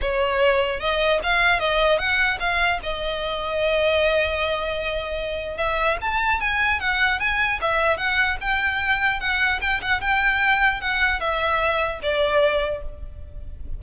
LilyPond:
\new Staff \with { instrumentName = "violin" } { \time 4/4 \tempo 4 = 150 cis''2 dis''4 f''4 | dis''4 fis''4 f''4 dis''4~ | dis''1~ | dis''2 e''4 a''4 |
gis''4 fis''4 gis''4 e''4 | fis''4 g''2 fis''4 | g''8 fis''8 g''2 fis''4 | e''2 d''2 | }